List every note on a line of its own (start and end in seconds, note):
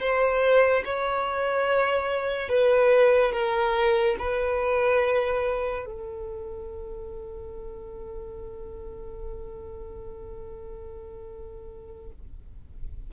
0.00 0.83 C5
0.85 2.49 C#5
2.49 3.32 B4
3.33 4.16 A#4
4.19 5.86 B4
5.86 12.11 A4